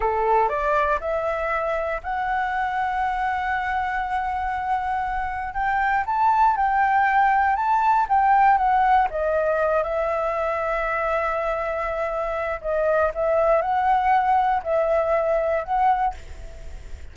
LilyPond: \new Staff \with { instrumentName = "flute" } { \time 4/4 \tempo 4 = 119 a'4 d''4 e''2 | fis''1~ | fis''2. g''4 | a''4 g''2 a''4 |
g''4 fis''4 dis''4. e''8~ | e''1~ | e''4 dis''4 e''4 fis''4~ | fis''4 e''2 fis''4 | }